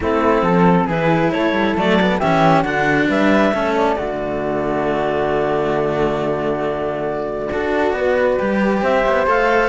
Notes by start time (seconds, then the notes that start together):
0.00 A3 C4 E4 A4
0.42 F3 A4
0.86 E3 E4 G#4 B4
1.31 A3 A4 C#5
1.52 G3
1.76 F#3 A3 D5
2.01 B3
2.19 E3 C#4 G4 E5
2.62 D3 D4 F#4 F#5
3.08 G3 B4 E5
3.51 A3 C#4 A4
3.75 D5
3.96 D3 A3 F#4
7.51 D4 F#4 A4
7.92 B3 B4
8.39 G3 G4
8.82 C4 C5 E5
9.05 B3
9.27 A3 A4 F5